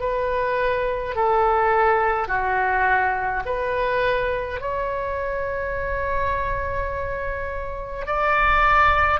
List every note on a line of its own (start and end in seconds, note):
0.00 1.15 B4
1.15 2.28 A4
2.28 3.43 F#4
3.46 4.60 B4
4.60 8.06 C#5
8.06 9.20 D5